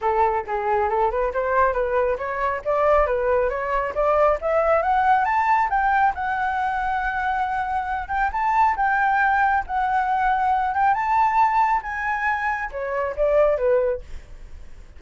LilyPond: \new Staff \with { instrumentName = "flute" } { \time 4/4 \tempo 4 = 137 a'4 gis'4 a'8 b'8 c''4 | b'4 cis''4 d''4 b'4 | cis''4 d''4 e''4 fis''4 | a''4 g''4 fis''2~ |
fis''2~ fis''8 g''8 a''4 | g''2 fis''2~ | fis''8 g''8 a''2 gis''4~ | gis''4 cis''4 d''4 b'4 | }